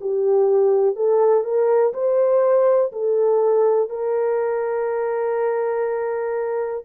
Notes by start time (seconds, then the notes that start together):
0.00 G4
0.96 A4
1.44 A#4
1.93 C5
2.92 A4
3.89 A#4